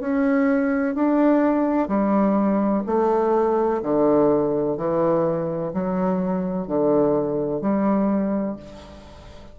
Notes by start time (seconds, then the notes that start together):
0.00 C#4
0.95 D4
1.88 G3
2.87 A3
3.82 D3
4.77 E3
5.74 F#3
6.68 D3
7.61 G3